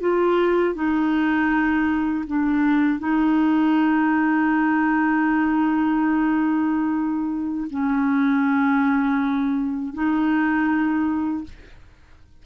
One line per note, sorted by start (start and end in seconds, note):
0.00 0.74 F4
0.74 2.24 D#4
2.27 2.99 D4
2.99 7.67 D#4
7.70 9.93 C#4
9.93 11.43 D#4